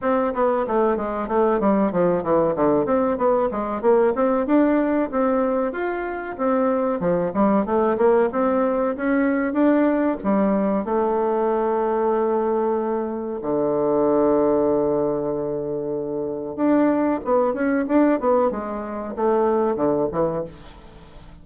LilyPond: \new Staff \with { instrumentName = "bassoon" } { \time 4/4 \tempo 4 = 94 c'8 b8 a8 gis8 a8 g8 f8 e8 | d8 c'8 b8 gis8 ais8 c'8 d'4 | c'4 f'4 c'4 f8 g8 | a8 ais8 c'4 cis'4 d'4 |
g4 a2.~ | a4 d2.~ | d2 d'4 b8 cis'8 | d'8 b8 gis4 a4 d8 e8 | }